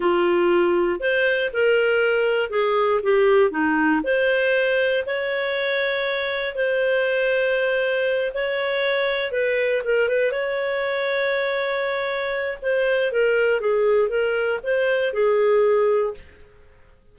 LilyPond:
\new Staff \with { instrumentName = "clarinet" } { \time 4/4 \tempo 4 = 119 f'2 c''4 ais'4~ | ais'4 gis'4 g'4 dis'4 | c''2 cis''2~ | cis''4 c''2.~ |
c''8 cis''2 b'4 ais'8 | b'8 cis''2.~ cis''8~ | cis''4 c''4 ais'4 gis'4 | ais'4 c''4 gis'2 | }